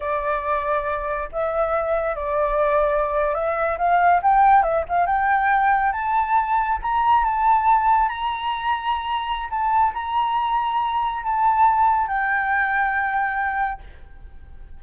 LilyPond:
\new Staff \with { instrumentName = "flute" } { \time 4/4 \tempo 4 = 139 d''2. e''4~ | e''4 d''2~ d''8. e''16~ | e''8. f''4 g''4 e''8 f''8 g''16~ | g''4.~ g''16 a''2 ais''16~ |
ais''8. a''2 ais''4~ ais''16~ | ais''2 a''4 ais''4~ | ais''2 a''2 | g''1 | }